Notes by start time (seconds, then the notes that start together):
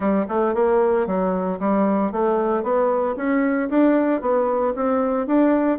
0.00 G3
0.28 A3
0.54 A#3
1.06 F#3
1.59 G3
2.11 A3
2.63 B3
3.16 C#4
3.69 D4
4.21 B3
4.75 C4
5.26 D4